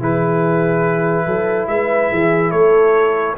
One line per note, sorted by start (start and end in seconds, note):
0.00 1.27 E3
0.00 3.38 E4
0.00 1.26 G#4
0.00 1.68 B4
1.26 1.68 F#3
1.26 1.68 A4
1.68 2.10 G#3
1.68 2.12 B4
1.68 2.51 E5
2.12 2.53 E3
2.12 2.52 G#4
2.51 3.37 A3
2.51 3.36 A4
2.51 3.36 C#5